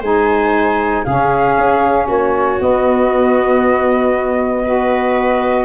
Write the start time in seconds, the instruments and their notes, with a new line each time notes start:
0.00 tuba G#3, saxophone D#4, viola C5, flute G#5
1.04 tuba C#3, saxophone C#4, viola G#4, flute F5
1.58 tuba C#4
2.07 tuba A#3, viola F#4, flute C#5
2.59 saxophone B3, tuba B3, flute D#5
4.64 saxophone F#4, viola B4